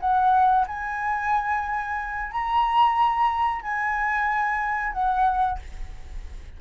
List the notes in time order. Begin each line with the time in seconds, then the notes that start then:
0.00 F#5
0.67 G#5
2.31 A#5
3.62 G#5
4.93 F#5